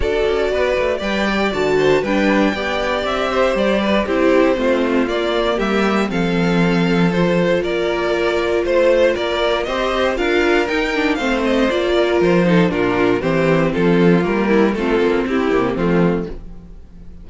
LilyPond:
<<
  \new Staff \with { instrumentName = "violin" } { \time 4/4 \tempo 4 = 118 d''2 g''4 a''4 | g''2 e''4 d''4 | c''2 d''4 e''4 | f''2 c''4 d''4~ |
d''4 c''4 d''4 dis''4 | f''4 g''4 f''8 dis''8 d''4 | c''4 ais'4 c''4 a'4 | ais'4 a'4 g'4 f'4 | }
  \new Staff \with { instrumentName = "violin" } { \time 4/4 a'4 b'4 d''4. c''8 | b'4 d''4. c''4 b'8 | g'4 f'2 g'4 | a'2. ais'4~ |
ais'4 c''4 ais'4 c''4 | ais'2 c''4. ais'8~ | ais'8 a'8 f'4 g'4 f'4~ | f'8 e'8 f'4 e'4 c'4 | }
  \new Staff \with { instrumentName = "viola" } { \time 4/4 fis'2 b'8 g'8 fis'4 | d'4 g'2. | e'4 c'4 ais2 | c'2 f'2~ |
f'2. g'4 | f'4 dis'8 d'8 c'4 f'4~ | f'8 dis'8 d'4 c'2 | ais4 c'4. ais8 a4 | }
  \new Staff \with { instrumentName = "cello" } { \time 4/4 d'8 cis'8 b8 a8 g4 d4 | g4 b4 c'4 g4 | c'4 a4 ais4 g4 | f2. ais4~ |
ais4 a4 ais4 c'4 | d'4 dis'4 a4 ais4 | f4 ais,4 e4 f4 | g4 a8 ais8 c'8 c8 f4 | }
>>